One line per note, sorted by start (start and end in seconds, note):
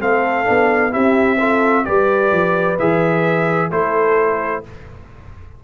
0.00 0.48 A3
0.00 0.44 C4
0.00 0.92 A4
0.00 0.93 F5
0.44 0.94 B3
0.44 0.91 D4
0.91 1.87 C4
0.91 1.37 E4
0.91 1.38 G4
0.91 1.85 E5
1.39 1.85 F4
1.39 1.85 A4
1.85 2.32 G3
1.85 2.77 G4
1.85 3.70 B4
1.85 2.77 D5
2.32 2.78 F3
2.79 3.71 E3
2.79 3.71 G#4
2.79 3.71 E5
3.70 4.63 A3
3.70 4.63 E4
3.70 4.62 A4
3.70 4.64 C5